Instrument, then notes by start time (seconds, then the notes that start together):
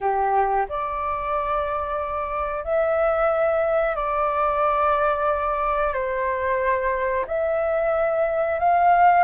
flute
0.00 G4
0.68 D5
2.64 E5
3.95 D5
5.93 C5
7.27 E5
8.59 F5